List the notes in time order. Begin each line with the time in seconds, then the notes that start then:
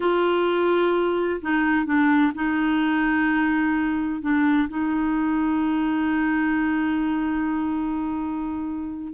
0.00 F4
1.41 D#4
1.85 D4
2.34 D#4
4.21 D4
4.69 D#4